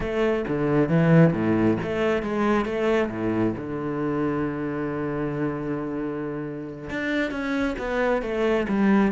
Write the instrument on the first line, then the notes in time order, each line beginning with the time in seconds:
cello
0.00 A3
0.48 D3
0.88 E3
1.33 A2
1.82 A3
2.22 G#3
2.65 A3
3.10 A2
3.57 D3
6.90 D4
7.31 C#4
7.78 B3
8.22 A3
8.68 G3